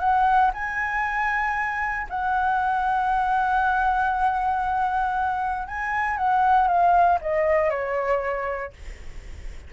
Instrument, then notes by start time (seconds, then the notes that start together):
flute
0.00 F#5
0.54 G#5
2.10 F#5
5.68 G#5
6.18 F#5
6.68 F5
7.21 D#5
7.71 C#5